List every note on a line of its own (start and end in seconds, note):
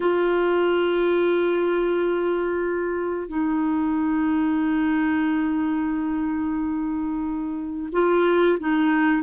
0.00 3.28 F4
3.28 7.89 D#4
7.92 8.58 F4
8.59 9.22 D#4